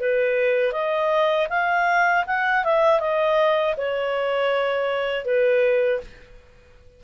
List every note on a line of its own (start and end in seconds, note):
0.00 0.72 B4
0.72 1.47 D#5
1.50 2.25 F5
2.27 2.64 F#5
2.64 3.00 E5
3.00 3.75 D#5
3.77 5.25 C#5
5.25 6.00 B4